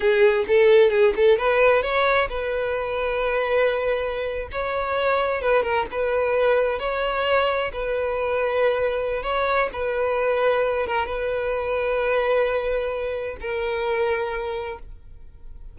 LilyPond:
\new Staff \with { instrumentName = "violin" } { \time 4/4 \tempo 4 = 130 gis'4 a'4 gis'8 a'8 b'4 | cis''4 b'2.~ | b'4.~ b'16 cis''2 b'16~ | b'16 ais'8 b'2 cis''4~ cis''16~ |
cis''8. b'2.~ b'16 | cis''4 b'2~ b'8 ais'8 | b'1~ | b'4 ais'2. | }